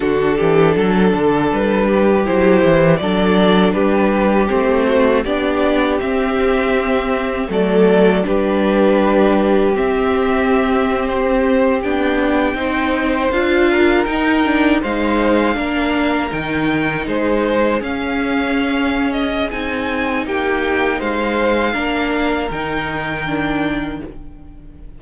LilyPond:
<<
  \new Staff \with { instrumentName = "violin" } { \time 4/4 \tempo 4 = 80 a'2 b'4 c''4 | d''4 b'4 c''4 d''4 | e''2 d''4 b'4~ | b'4 e''4.~ e''16 c''4 g''16~ |
g''4.~ g''16 f''4 g''4 f''16~ | f''4.~ f''16 g''4 c''4 f''16~ | f''4. dis''8 gis''4 g''4 | f''2 g''2 | }
  \new Staff \with { instrumentName = "violin" } { \time 4/4 fis'8 g'8 a'4. g'4. | a'4 g'4. fis'8 g'4~ | g'2 a'4 g'4~ | g'1~ |
g'8. c''4. ais'4. c''16~ | c''8. ais'2 gis'4~ gis'16~ | gis'2. g'4 | c''4 ais'2. | }
  \new Staff \with { instrumentName = "viola" } { \time 4/4 d'2. e'4 | d'2 c'4 d'4 | c'2 a4 d'4~ | d'4 c'2~ c'8. d'16~ |
d'8. dis'4 f'4 dis'8 d'8 dis'16~ | dis'8. d'4 dis'2 cis'16~ | cis'2 dis'2~ | dis'4 d'4 dis'4 d'4 | }
  \new Staff \with { instrumentName = "cello" } { \time 4/4 d8 e8 fis8 d8 g4 fis8 e8 | fis4 g4 a4 b4 | c'2 fis4 g4~ | g4 c'2~ c'8. b16~ |
b8. c'4 d'4 dis'4 gis16~ | gis8. ais4 dis4 gis4 cis'16~ | cis'2 c'4 ais4 | gis4 ais4 dis2 | }
>>